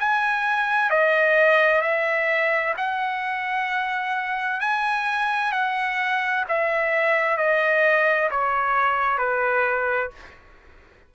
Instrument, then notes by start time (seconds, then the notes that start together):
trumpet
0.00 G#5
0.90 D#5
1.82 E5
2.77 F#5
4.61 G#5
5.53 F#5
6.49 E5
7.38 D#5
8.31 C#5
9.18 B4